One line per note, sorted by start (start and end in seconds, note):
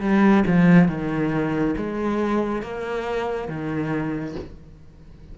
0.00 0.43 G3
0.46 0.88 F3
0.88 1.75 D#3
1.77 2.62 G#3
2.62 3.48 A#3
3.48 4.35 D#3